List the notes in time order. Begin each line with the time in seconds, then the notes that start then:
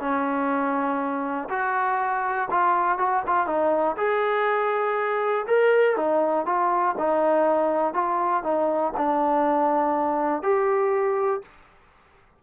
0.00 C#4
1.49 F#4
2.50 F4
2.98 F#4
3.27 F4
3.46 D#4
3.97 G#4
5.47 A#4
5.96 D#4
6.46 F4
6.98 D#4
7.94 F4
8.43 D#4
8.97 D4
10.43 G4